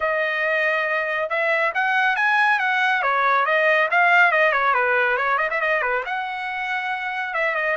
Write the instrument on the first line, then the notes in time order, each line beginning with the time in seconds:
trumpet
0.00 D#5
1.29 E5
1.74 F#5
2.15 G#5
2.59 F#5
3.02 C#5
3.45 D#5
3.90 F5
4.31 D#5
4.52 C#5
4.74 B4
5.17 C#5
5.38 D#5
5.50 E5
5.60 D#5
5.82 B4
6.05 F#5
7.34 E5
7.55 D#5